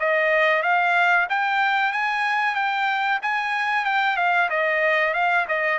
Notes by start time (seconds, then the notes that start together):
0.00 D#5
0.63 F5
1.30 G5
1.93 G#5
2.55 G5
3.22 G#5
3.85 G5
4.17 F5
4.50 D#5
5.14 F5
5.48 D#5